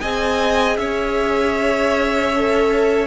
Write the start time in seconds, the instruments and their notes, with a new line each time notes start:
0.00 cello C4, viola G#4, violin D#5 G#5
0.77 cello C#4, violin C#5 E5
2.36 viola A4